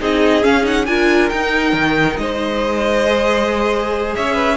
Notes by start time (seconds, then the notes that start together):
0.00 C4 D#4 G#4 D#5
0.42 C#4 F5
0.63 D#4 F#5
0.86 D4 F4 A#4 G#5
1.29 D#4 G5
1.73 D#3
2.17 G#3 C5 D#5
3.06 G#4
4.16 C#4 C#5 E5
4.34 B4